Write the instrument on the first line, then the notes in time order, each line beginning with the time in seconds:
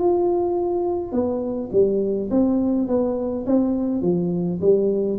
tuba
0.00 F4
1.12 B3
1.73 G3
2.31 C4
2.88 B3
3.46 C4
4.02 F3
4.61 G3